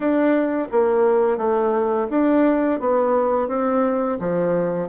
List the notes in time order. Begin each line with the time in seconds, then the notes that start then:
0.00 D4
0.71 A#3
1.37 A3
2.10 D4
2.79 B3
3.48 C4
4.19 F3